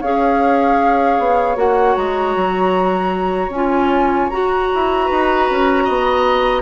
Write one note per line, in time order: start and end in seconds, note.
0.00 1.19 C#4
0.00 1.56 G#4
0.00 5.05 C#5
0.00 1.56 F5
1.19 1.56 B3
1.56 1.95 A#3
1.56 3.50 F#4
1.56 1.95 F#5
1.95 2.35 G#3
1.95 3.51 A#5
2.36 3.49 F#3
3.49 4.27 C#4
3.49 4.29 G#5
3.55 4.31 F4
4.29 6.62 F#4
4.29 4.71 F#4
4.29 6.62 A#5
4.74 5.10 E4
5.05 5.49 D#4
5.05 5.83 B4
5.50 5.88 C#4
5.84 6.62 B3
5.84 6.62 D#5